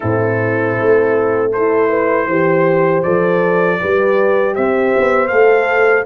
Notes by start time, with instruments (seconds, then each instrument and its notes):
0.00 tuba A2, horn C4 E4, trumpet A4
0.80 tuba A3
1.52 horn E4 A4, trumpet C5
1.88 horn B4
2.26 tuba E3, horn G4 C5
3.03 tuba F3, horn A4, trumpet D5
3.80 tuba G3, horn G4 B4
4.54 tuba C4, horn C5, trumpet E5
4.96 tuba B3
5.27 tuba A3, horn A4, trumpet F5